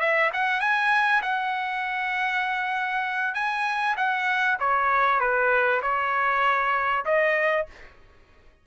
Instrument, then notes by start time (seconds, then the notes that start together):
trumpet
0.00 E5
0.34 F#5
0.60 G#5
1.22 F#5
3.35 G#5
3.97 F#5
4.60 C#5
5.20 B4
5.82 C#5
7.05 D#5